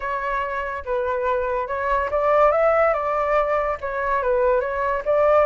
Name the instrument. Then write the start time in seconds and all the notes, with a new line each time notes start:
flute
0.00 C#5
0.85 B4
1.67 C#5
2.10 D5
2.51 E5
2.93 D5
3.80 C#5
4.22 B4
4.60 C#5
5.05 D5